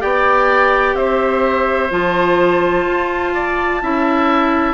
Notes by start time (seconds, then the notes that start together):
0.00 B3 G4 D5 G5
0.95 C4 C5 E5
1.91 F3 F4 A5
2.87 F4
3.35 D5
3.82 C#4 E4 E5